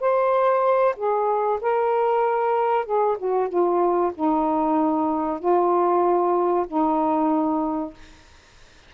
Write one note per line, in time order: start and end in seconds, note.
0.00 0.95 C5
0.96 1.59 G#4
1.61 2.85 A#4
2.85 3.17 G#4
3.18 3.49 F#4
3.49 4.12 F4
4.15 5.39 D#4
5.39 6.66 F4
6.67 7.93 D#4